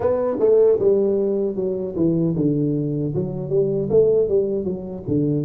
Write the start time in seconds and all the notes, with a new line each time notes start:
0.00 B3
0.39 A3
0.79 G3
1.55 F#3
1.96 E3
2.35 D3
3.14 F#3
3.49 G3
3.90 A3
4.28 G3
4.64 F#3
5.07 D3